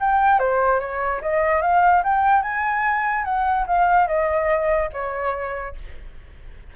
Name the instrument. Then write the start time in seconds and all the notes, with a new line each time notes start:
flute
0.00 G5
0.39 C5
0.80 C#5
1.21 D#5
1.62 F5
2.04 G5
2.42 G#5
3.24 F#5
3.67 F5
4.07 D#5
4.93 C#5